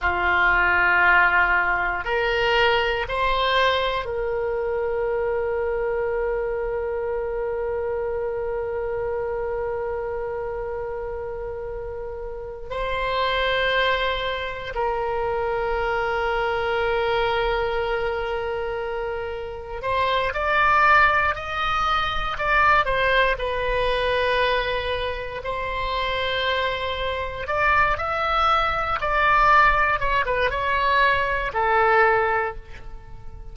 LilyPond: \new Staff \with { instrumentName = "oboe" } { \time 4/4 \tempo 4 = 59 f'2 ais'4 c''4 | ais'1~ | ais'1~ | ais'8 c''2 ais'4.~ |
ais'2.~ ais'8 c''8 | d''4 dis''4 d''8 c''8 b'4~ | b'4 c''2 d''8 e''8~ | e''8 d''4 cis''16 b'16 cis''4 a'4 | }